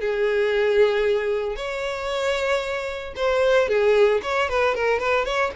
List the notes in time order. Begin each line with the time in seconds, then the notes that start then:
0.00 G#4
1.56 C#5
3.15 C5
3.68 G#4
4.22 C#5
4.49 B4
4.75 A#4
4.99 B4
5.25 C#5